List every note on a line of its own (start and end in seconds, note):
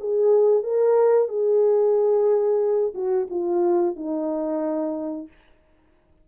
0.00 0.63 G#4
0.63 1.28 A#4
1.28 2.93 G#4
2.94 3.27 F#4
3.30 3.96 F4
3.96 5.27 D#4